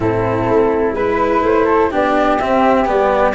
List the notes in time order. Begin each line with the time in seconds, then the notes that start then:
0.00 A2 C4 E4 A4
0.48 A3
0.92 G#3 E4 B4
1.42 A3 C5
1.65 A4
1.91 B3 D4 G4 D5
2.39 C4 E5
2.85 G3 B3 D5